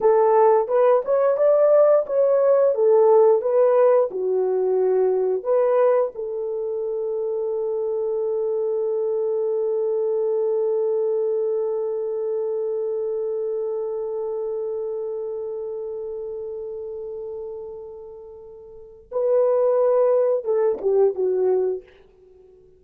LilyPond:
\new Staff \with { instrumentName = "horn" } { \time 4/4 \tempo 4 = 88 a'4 b'8 cis''8 d''4 cis''4 | a'4 b'4 fis'2 | b'4 a'2.~ | a'1~ |
a'1~ | a'1~ | a'1 | b'2 a'8 g'8 fis'4 | }